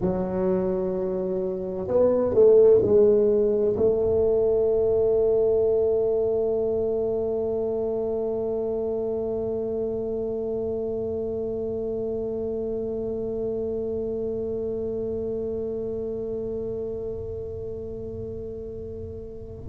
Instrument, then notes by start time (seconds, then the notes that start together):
tuba
0.00 F#3
1.87 B3
2.34 A3
2.81 G#3
3.76 A3